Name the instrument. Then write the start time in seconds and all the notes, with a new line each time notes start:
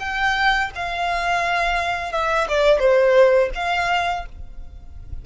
violin
0.00 G5
0.75 F5
2.12 E5
2.49 D5
2.79 C5
3.55 F5